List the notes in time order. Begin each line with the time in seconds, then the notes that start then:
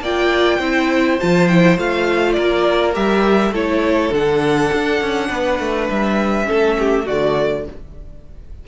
0.00 A#3 F4 D5 G5
0.59 C4 E4 C5
1.20 F3 F4 A5
1.48 E4 G5
1.78 A3 F4 F5
2.33 A#3 A#4 D5
2.93 G3 G4 E5
3.51 A3 E4 A4 C#5
4.12 D3 D4 F#5
4.73 D4
5.01 C#4
5.29 B3 B4
5.60 A3
5.90 G3 E5
6.45 C#4 A4
6.51 A3
6.79 G4
7.06 D3 A3 F#4 D5